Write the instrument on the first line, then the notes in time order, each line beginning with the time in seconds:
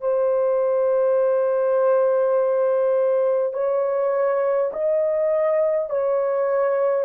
horn
0.00 C5
3.53 C#5
4.73 D#5
5.89 C#5